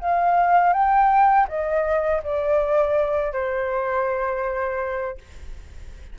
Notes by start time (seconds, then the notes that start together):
0.00 F5
0.73 G5
1.48 D#5
2.23 D5
3.32 C5